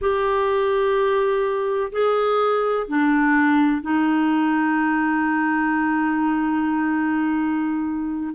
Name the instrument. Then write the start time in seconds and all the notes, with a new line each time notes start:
clarinet
0.01 G4
1.92 G#4
2.87 D4
3.81 D#4